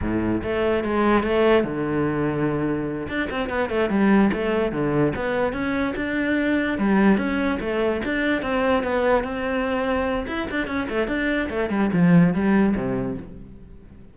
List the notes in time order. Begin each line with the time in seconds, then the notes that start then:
0.01 A2
0.43 A3
0.83 G#3
1.23 A3
1.64 D3
3.08 D4
3.30 C4
3.49 B3
3.69 A3
3.89 G3
4.32 A3
4.72 D3
5.15 B3
5.52 C#4
5.96 D4
6.78 G3
7.17 C#4
7.60 A3
8.05 D4
8.42 C4
8.83 B3
9.23 C4
10.27 E4
10.50 D4
10.67 C#4
10.89 A3
11.07 D4
11.49 A3
11.69 G3
11.92 F3
12.34 G3
12.75 C3